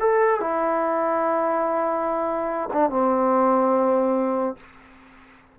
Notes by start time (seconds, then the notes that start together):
0.00 A4
0.41 E4
2.73 D4
2.90 C4